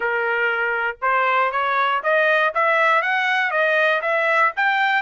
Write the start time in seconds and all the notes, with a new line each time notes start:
0.00 A#4
1.01 C5
1.51 C#5
2.03 D#5
2.54 E5
3.02 F#5
3.50 D#5
4.01 E5
4.56 G5